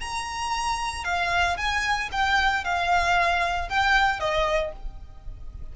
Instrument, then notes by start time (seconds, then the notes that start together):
violin
0.00 A#5
1.04 F5
1.56 G#5
2.11 G5
2.64 F5
3.68 G5
4.19 D#5